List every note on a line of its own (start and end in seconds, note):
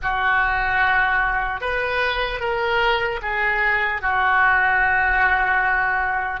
0.02 1.60 F#4
1.60 2.40 B4
2.40 3.20 A#4
3.22 4.01 G#4
4.01 6.40 F#4